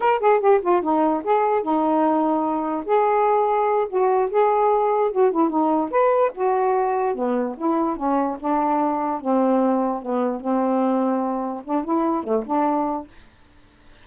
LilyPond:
\new Staff \with { instrumentName = "saxophone" } { \time 4/4 \tempo 4 = 147 ais'8 gis'8 g'8 f'8 dis'4 gis'4 | dis'2. gis'4~ | gis'4. fis'4 gis'4.~ | gis'8 fis'8 e'8 dis'4 b'4 fis'8~ |
fis'4. b4 e'4 cis'8~ | cis'8 d'2 c'4.~ | c'8 b4 c'2~ c'8~ | c'8 d'8 e'4 a8 d'4. | }